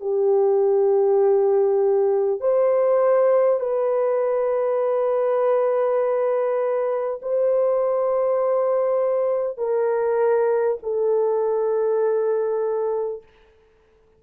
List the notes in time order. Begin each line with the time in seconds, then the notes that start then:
0.00 G4
2.40 C5
3.60 B4
7.22 C5
9.57 A#4
10.83 A4